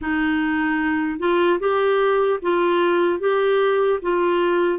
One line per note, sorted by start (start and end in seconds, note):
0.01 1.19 D#4
1.19 1.59 F4
1.59 2.39 G4
2.41 3.19 F4
3.19 3.99 G4
4.01 4.79 F4